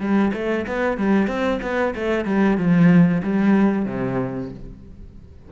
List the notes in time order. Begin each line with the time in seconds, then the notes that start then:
0.00 G3
0.34 A3
0.67 B3
0.97 G3
1.28 C4
1.62 B3
1.95 A3
2.25 G3
2.57 F3
3.23 G3
3.86 C3